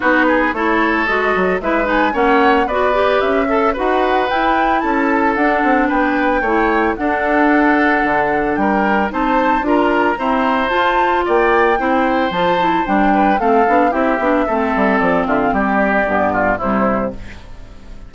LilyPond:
<<
  \new Staff \with { instrumentName = "flute" } { \time 4/4 \tempo 4 = 112 b'4 cis''4 dis''4 e''8 gis''8 | fis''4 d''4 e''4 fis''4 | g''4 a''4 fis''4 g''4~ | g''4 fis''2. |
g''4 a''4 ais''2 | a''4 g''2 a''4 | g''4 f''4 e''2 | d''8 e''16 f''16 d''2 c''4 | }
  \new Staff \with { instrumentName = "oboe" } { \time 4/4 fis'8 gis'8 a'2 b'4 | cis''4 b'4. a'8 b'4~ | b'4 a'2 b'4 | cis''4 a'2. |
ais'4 c''4 ais'4 c''4~ | c''4 d''4 c''2~ | c''8 b'8 a'4 g'4 a'4~ | a'8 f'8 g'4. f'8 e'4 | }
  \new Staff \with { instrumentName = "clarinet" } { \time 4/4 dis'4 e'4 fis'4 e'8 dis'8 | cis'4 fis'8 g'4 a'8 fis'4 | e'2 d'2 | e'4 d'2.~ |
d'4 dis'4 f'4 c'4 | f'2 e'4 f'8 e'8 | d'4 c'8 d'8 e'8 d'8 c'4~ | c'2 b4 g4 | }
  \new Staff \with { instrumentName = "bassoon" } { \time 4/4 b4 a4 gis8 fis8 gis4 | ais4 b4 cis'4 dis'4 | e'4 cis'4 d'8 c'8 b4 | a4 d'2 d4 |
g4 c'4 d'4 e'4 | f'4 ais4 c'4 f4 | g4 a8 b8 c'8 b8 a8 g8 | f8 d8 g4 g,4 c4 | }
>>